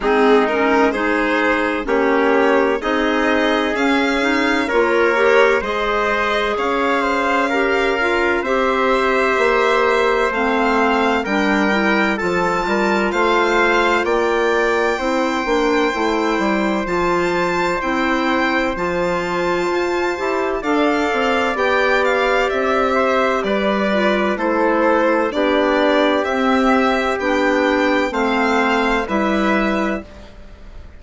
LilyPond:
<<
  \new Staff \with { instrumentName = "violin" } { \time 4/4 \tempo 4 = 64 gis'8 ais'8 c''4 cis''4 dis''4 | f''4 cis''4 dis''4 f''4~ | f''4 e''2 f''4 | g''4 a''4 f''4 g''4~ |
g''2 a''4 g''4 | a''2 f''4 g''8 f''8 | e''4 d''4 c''4 d''4 | e''4 g''4 f''4 e''4 | }
  \new Staff \with { instrumentName = "trumpet" } { \time 4/4 dis'4 gis'4 g'4 gis'4~ | gis'4 ais'4 c''4 cis''8 c''8 | ais'4 c''2. | ais'4 a'8 ais'8 c''4 d''4 |
c''1~ | c''2 d''2~ | d''8 c''8 b'4 a'4 g'4~ | g'2 c''4 b'4 | }
  \new Staff \with { instrumentName = "clarinet" } { \time 4/4 c'8 cis'8 dis'4 cis'4 dis'4 | cis'8 dis'8 f'8 g'8 gis'2 | g'8 f'8 g'2 c'4 | d'8 e'8 f'2. |
e'8 d'8 e'4 f'4 e'4 | f'4. g'8 a'4 g'4~ | g'4. f'8 e'4 d'4 | c'4 d'4 c'4 e'4 | }
  \new Staff \with { instrumentName = "bassoon" } { \time 4/4 gis2 ais4 c'4 | cis'4 ais4 gis4 cis'4~ | cis'4 c'4 ais4 a4 | g4 f8 g8 a4 ais4 |
c'8 ais8 a8 g8 f4 c'4 | f4 f'8 e'8 d'8 c'8 b4 | c'4 g4 a4 b4 | c'4 b4 a4 g4 | }
>>